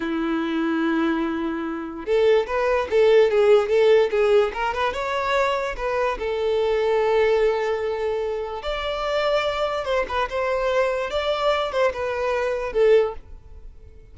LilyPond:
\new Staff \with { instrumentName = "violin" } { \time 4/4 \tempo 4 = 146 e'1~ | e'4 a'4 b'4 a'4 | gis'4 a'4 gis'4 ais'8 b'8 | cis''2 b'4 a'4~ |
a'1~ | a'4 d''2. | c''8 b'8 c''2 d''4~ | d''8 c''8 b'2 a'4 | }